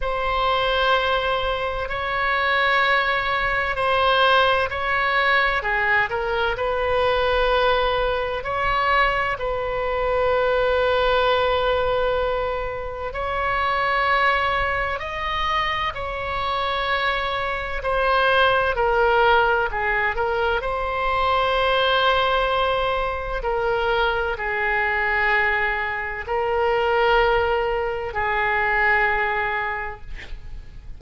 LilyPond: \new Staff \with { instrumentName = "oboe" } { \time 4/4 \tempo 4 = 64 c''2 cis''2 | c''4 cis''4 gis'8 ais'8 b'4~ | b'4 cis''4 b'2~ | b'2 cis''2 |
dis''4 cis''2 c''4 | ais'4 gis'8 ais'8 c''2~ | c''4 ais'4 gis'2 | ais'2 gis'2 | }